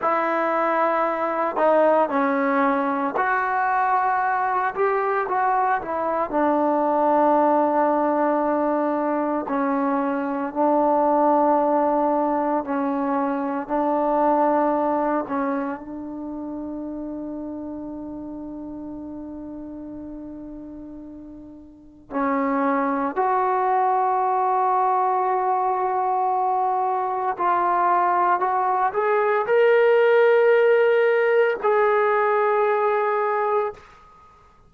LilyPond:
\new Staff \with { instrumentName = "trombone" } { \time 4/4 \tempo 4 = 57 e'4. dis'8 cis'4 fis'4~ | fis'8 g'8 fis'8 e'8 d'2~ | d'4 cis'4 d'2 | cis'4 d'4. cis'8 d'4~ |
d'1~ | d'4 cis'4 fis'2~ | fis'2 f'4 fis'8 gis'8 | ais'2 gis'2 | }